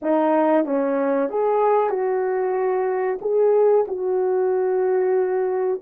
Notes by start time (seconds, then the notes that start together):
0.02 D#4
0.65 C#4
1.29 G#4
1.89 F#4
3.21 G#4
3.87 F#4